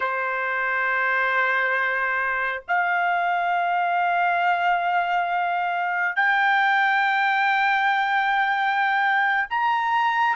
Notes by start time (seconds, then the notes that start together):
0.00 C5
2.68 F5
6.16 G5
9.50 A#5